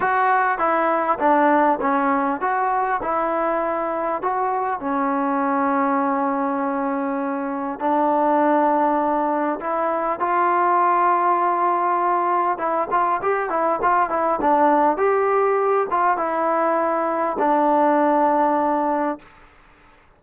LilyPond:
\new Staff \with { instrumentName = "trombone" } { \time 4/4 \tempo 4 = 100 fis'4 e'4 d'4 cis'4 | fis'4 e'2 fis'4 | cis'1~ | cis'4 d'2. |
e'4 f'2.~ | f'4 e'8 f'8 g'8 e'8 f'8 e'8 | d'4 g'4. f'8 e'4~ | e'4 d'2. | }